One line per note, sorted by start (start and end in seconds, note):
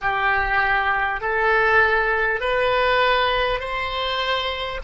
0.01 1.21 G4
1.21 2.40 A4
2.40 3.60 B4
3.60 4.80 C5